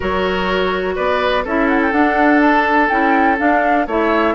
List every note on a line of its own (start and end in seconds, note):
0.00 0.98 F#3
0.00 1.44 F#4
0.00 0.94 A#4
0.00 0.96 C#5
0.95 1.45 B3
0.95 1.44 B4
0.95 1.44 D5
1.44 1.92 C#4
1.44 1.91 E4
1.44 3.86 A4
1.44 1.68 E5
1.68 1.80 F#5
1.81 1.92 G5
1.91 2.88 D4
1.91 2.89 D4
1.91 2.41 F#5
2.41 2.89 A5
2.89 3.39 C#4
2.89 3.37 E4
2.89 3.37 G5
3.37 3.85 D4
3.37 3.86 D4
3.37 3.87 F5
3.86 4.35 A3
3.86 4.35 E4
3.86 4.35 C#5
3.86 4.35 E5